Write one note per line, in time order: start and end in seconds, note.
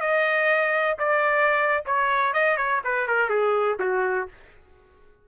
0.00 0.98 D#5
0.98 1.84 D5
1.85 2.33 C#5
2.33 2.57 D#5
2.57 2.81 C#5
2.84 3.07 B4
3.07 3.29 A#4
3.29 3.78 G#4
3.79 4.28 F#4